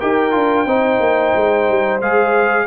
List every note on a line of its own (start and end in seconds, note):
0.00 0.35 D#4
0.00 0.31 G4
0.00 0.66 A#4
0.00 2.00 G5
0.31 0.66 D4
0.31 0.64 F4
0.66 0.99 C4
0.66 2.01 D#4
0.66 2.66 C5
1.00 1.33 A#3
1.35 1.68 G#3
1.68 2.01 G3
2.01 2.66 G#3
2.01 2.66 G#4
2.01 2.66 F5